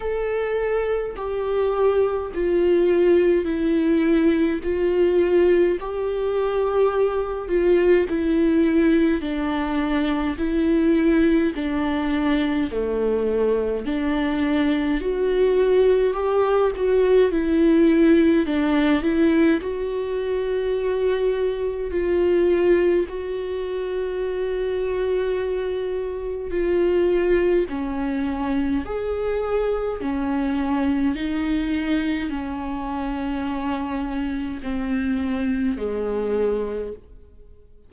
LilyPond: \new Staff \with { instrumentName = "viola" } { \time 4/4 \tempo 4 = 52 a'4 g'4 f'4 e'4 | f'4 g'4. f'8 e'4 | d'4 e'4 d'4 a4 | d'4 fis'4 g'8 fis'8 e'4 |
d'8 e'8 fis'2 f'4 | fis'2. f'4 | cis'4 gis'4 cis'4 dis'4 | cis'2 c'4 gis4 | }